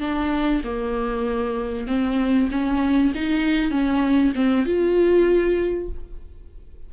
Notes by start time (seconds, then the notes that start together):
0.00 D4
0.64 A#3
1.87 C4
2.51 C#4
3.14 D#4
3.71 C#4
4.35 C4
4.65 F4